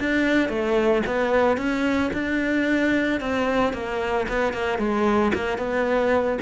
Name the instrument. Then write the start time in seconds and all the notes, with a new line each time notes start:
cello
0.00 D4
0.49 A3
1.07 B3
1.58 C#4
2.14 D4
3.21 C4
3.74 A#3
4.29 B3
4.54 A#3
4.79 G#3
5.35 A#3
5.59 B3